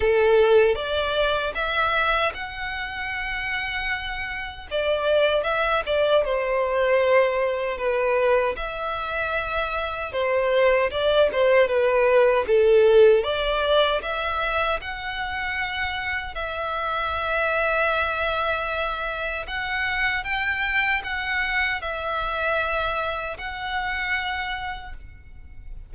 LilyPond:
\new Staff \with { instrumentName = "violin" } { \time 4/4 \tempo 4 = 77 a'4 d''4 e''4 fis''4~ | fis''2 d''4 e''8 d''8 | c''2 b'4 e''4~ | e''4 c''4 d''8 c''8 b'4 |
a'4 d''4 e''4 fis''4~ | fis''4 e''2.~ | e''4 fis''4 g''4 fis''4 | e''2 fis''2 | }